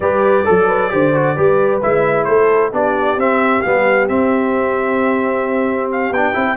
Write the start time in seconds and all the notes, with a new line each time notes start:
0.00 G3 G4 B4 D5
0.44 F#3 A4
0.67 B4
0.90 D3 G4 C5
1.14 F#4
1.35 G3 G4 B4
1.81 G#3 E4 E5
2.24 A3 A4 C5
2.72 B3 D4 G4 D5
3.16 C4 E5
3.61 G3 B3 F5
4.08 C4 E5
5.91 F5
6.11 B3 D4 G5
6.33 C4 E4